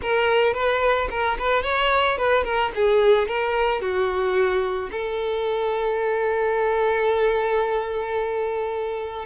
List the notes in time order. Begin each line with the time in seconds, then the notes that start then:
0.02 A#4
0.53 B4
1.10 A#4
1.38 B4
1.62 C#5
2.17 B4
2.44 A#4
2.75 G#4
3.28 A#4
3.81 F#4
4.91 A4